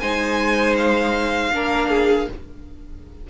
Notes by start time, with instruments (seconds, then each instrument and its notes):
0.00 cello G#3, viola D#4, violin C5 G#5
0.78 violin F5
1.52 cello A#3, viola D4, violin A#4
1.89 violin G#4